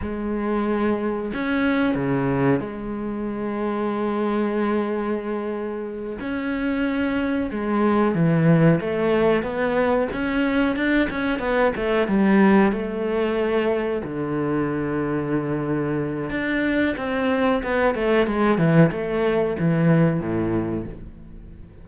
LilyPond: \new Staff \with { instrumentName = "cello" } { \time 4/4 \tempo 4 = 92 gis2 cis'4 cis4 | gis1~ | gis4. cis'2 gis8~ | gis8 e4 a4 b4 cis'8~ |
cis'8 d'8 cis'8 b8 a8 g4 a8~ | a4. d2~ d8~ | d4 d'4 c'4 b8 a8 | gis8 e8 a4 e4 a,4 | }